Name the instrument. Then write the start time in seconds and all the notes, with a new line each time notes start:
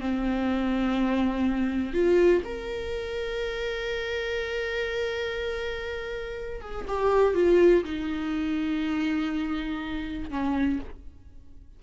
viola
0.00 C4
1.94 F4
2.45 A#4
6.61 G#4
6.88 G4
7.35 F4
7.84 D#4
10.30 C#4